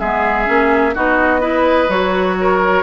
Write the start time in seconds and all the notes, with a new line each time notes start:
0.00 G#3 B3 G#4 E5
0.45 A#3 C#4
0.95 B3 D#4 F#4 D#5
1.41 E4 B4
1.89 F#3 F#4 C#5
2.41 A#4